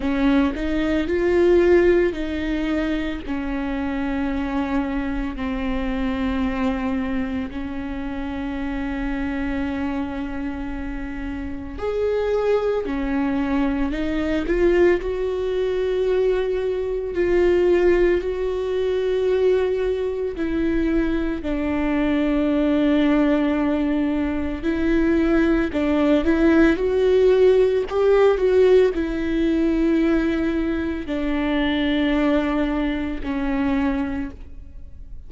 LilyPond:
\new Staff \with { instrumentName = "viola" } { \time 4/4 \tempo 4 = 56 cis'8 dis'8 f'4 dis'4 cis'4~ | cis'4 c'2 cis'4~ | cis'2. gis'4 | cis'4 dis'8 f'8 fis'2 |
f'4 fis'2 e'4 | d'2. e'4 | d'8 e'8 fis'4 g'8 fis'8 e'4~ | e'4 d'2 cis'4 | }